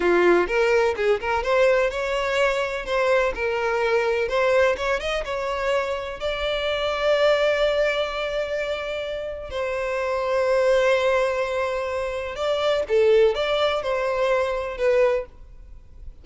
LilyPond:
\new Staff \with { instrumentName = "violin" } { \time 4/4 \tempo 4 = 126 f'4 ais'4 gis'8 ais'8 c''4 | cis''2 c''4 ais'4~ | ais'4 c''4 cis''8 dis''8 cis''4~ | cis''4 d''2.~ |
d''1 | c''1~ | c''2 d''4 a'4 | d''4 c''2 b'4 | }